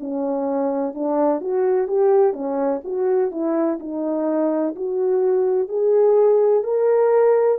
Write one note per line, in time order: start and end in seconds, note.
0.00 0.94 C#4
0.94 1.41 D4
1.41 1.88 F#4
1.88 2.33 G4
2.33 2.81 C#4
2.84 3.31 F#4
3.31 3.79 E4
3.80 4.75 D#4
4.75 5.68 F#4
5.68 6.64 G#4
6.64 7.58 A#4